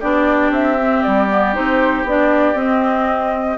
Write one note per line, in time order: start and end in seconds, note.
0.00 0.51 B3
0.00 0.79 D4
0.00 3.57 G4
0.00 0.52 D5
0.51 1.02 C4
0.51 1.03 E5
0.79 1.29 C4
1.03 1.57 G3
1.03 1.54 D5
1.29 1.54 B3
1.54 2.04 C4
1.54 2.05 D#4
1.54 2.06 C5
2.04 2.54 B3
2.04 2.55 D4
2.04 2.58 D5
2.54 3.57 C4
2.54 3.57 D#5